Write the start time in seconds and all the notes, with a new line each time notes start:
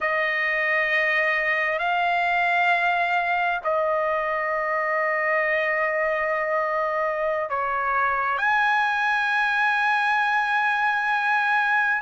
0.00 D#5
1.78 F5
3.64 D#5
7.49 C#5
8.38 G#5